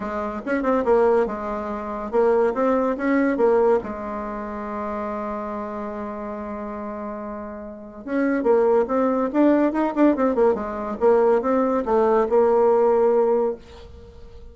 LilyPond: \new Staff \with { instrumentName = "bassoon" } { \time 4/4 \tempo 4 = 142 gis4 cis'8 c'8 ais4 gis4~ | gis4 ais4 c'4 cis'4 | ais4 gis2.~ | gis1~ |
gis2. cis'4 | ais4 c'4 d'4 dis'8 d'8 | c'8 ais8 gis4 ais4 c'4 | a4 ais2. | }